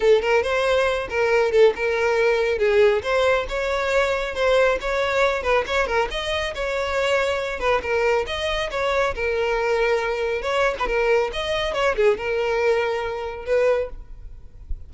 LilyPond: \new Staff \with { instrumentName = "violin" } { \time 4/4 \tempo 4 = 138 a'8 ais'8 c''4. ais'4 a'8 | ais'2 gis'4 c''4 | cis''2 c''4 cis''4~ | cis''8 b'8 cis''8 ais'8 dis''4 cis''4~ |
cis''4. b'8 ais'4 dis''4 | cis''4 ais'2. | cis''8. b'16 ais'4 dis''4 cis''8 gis'8 | ais'2. b'4 | }